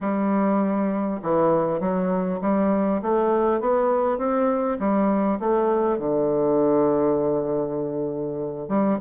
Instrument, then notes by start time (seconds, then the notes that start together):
bassoon
0.00 G3
1.22 E3
1.80 F#3
2.41 G3
3.02 A3
3.60 B3
4.18 C4
4.79 G3
5.39 A3
5.98 D3
8.68 G3